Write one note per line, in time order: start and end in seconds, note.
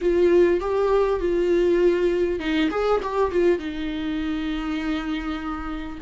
0.01 0.60 F4
0.60 1.19 G4
1.19 2.39 F4
2.39 2.69 D#4
2.70 3.00 G#4
3.02 3.31 G4
3.31 3.58 F4
3.58 5.98 D#4